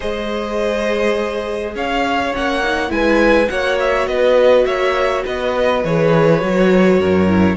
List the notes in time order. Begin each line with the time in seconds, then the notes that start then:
0.00 G#3 G#4 C5 D#5
1.75 C#4 C#5 F5
2.32 A#3 C#4 F#5
2.63 D#4
2.88 G#3 E4 B4 G#5
3.48 A#3 F#4 C#5 F#5
3.79 E5
4.06 B3 B4 D#5
4.65 A#3 C#5 E5
5.24 B3 B4 D#5
5.84 E3 G#4 C#5
6.40 F#3 F#4
6.99 F#2 A#4
7.27 E4